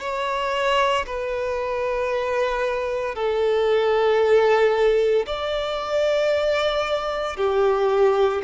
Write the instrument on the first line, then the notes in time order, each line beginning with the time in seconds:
violin
0.00 C#5
1.06 B4
3.15 A4
5.26 D5
7.36 G4